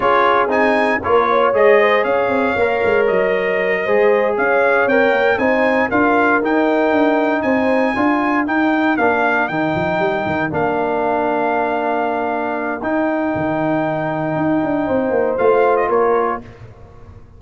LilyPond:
<<
  \new Staff \with { instrumentName = "trumpet" } { \time 4/4 \tempo 4 = 117 cis''4 gis''4 cis''4 dis''4 | f''2 dis''2~ | dis''8 f''4 g''4 gis''4 f''8~ | f''8 g''2 gis''4.~ |
gis''8 g''4 f''4 g''4.~ | g''8 f''2.~ f''8~ | f''4 g''2.~ | g''2 f''8. dis''16 cis''4 | }
  \new Staff \with { instrumentName = "horn" } { \time 4/4 gis'2 ais'8 cis''4 c''8 | cis''2.~ cis''8 c''8~ | c''8 cis''2 c''4 ais'8~ | ais'2~ ais'8 c''4 ais'8~ |
ais'1~ | ais'1~ | ais'1~ | ais'4 c''2 ais'4 | }
  \new Staff \with { instrumentName = "trombone" } { \time 4/4 f'4 dis'4 f'4 gis'4~ | gis'4 ais'2~ ais'8 gis'8~ | gis'4. ais'4 dis'4 f'8~ | f'8 dis'2. f'8~ |
f'8 dis'4 d'4 dis'4.~ | dis'8 d'2.~ d'8~ | d'4 dis'2.~ | dis'2 f'2 | }
  \new Staff \with { instrumentName = "tuba" } { \time 4/4 cis'4 c'4 ais4 gis4 | cis'8 c'8 ais8 gis8 fis4. gis8~ | gis8 cis'4 c'8 ais8 c'4 d'8~ | d'8 dis'4 d'4 c'4 d'8~ |
d'8 dis'4 ais4 dis8 f8 g8 | dis8 ais2.~ ais8~ | ais4 dis'4 dis2 | dis'8 d'8 c'8 ais8 a4 ais4 | }
>>